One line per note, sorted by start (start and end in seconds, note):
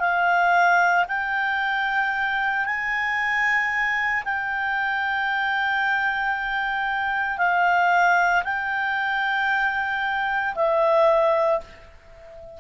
0.00 1.05 F5
1.09 2.66 G5
2.66 4.24 G#5
4.25 7.38 G5
7.38 8.44 F5
8.44 10.55 G5
10.56 11.61 E5